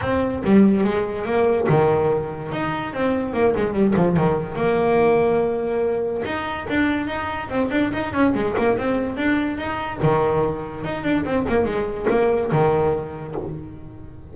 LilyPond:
\new Staff \with { instrumentName = "double bass" } { \time 4/4 \tempo 4 = 144 c'4 g4 gis4 ais4 | dis2 dis'4 c'4 | ais8 gis8 g8 f8 dis4 ais4~ | ais2. dis'4 |
d'4 dis'4 c'8 d'8 dis'8 cis'8 | gis8 ais8 c'4 d'4 dis'4 | dis2 dis'8 d'8 c'8 ais8 | gis4 ais4 dis2 | }